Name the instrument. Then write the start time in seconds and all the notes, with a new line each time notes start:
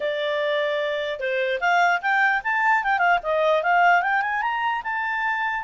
clarinet
0.00 D5
1.19 C5
1.60 F5
2.01 G5
2.43 A5
2.83 G5
2.98 F5
3.23 D#5
3.62 F5
4.02 G5
4.21 G#5
4.42 A#5
4.83 A5